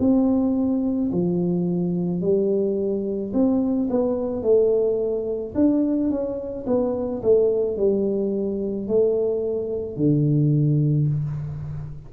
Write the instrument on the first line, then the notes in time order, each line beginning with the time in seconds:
tuba
0.00 C4
1.12 F3
2.21 G3
3.33 C4
3.90 B3
4.42 A3
5.55 D4
6.10 C#4
6.67 B3
7.22 A3
7.77 G3
8.88 A3
9.96 D3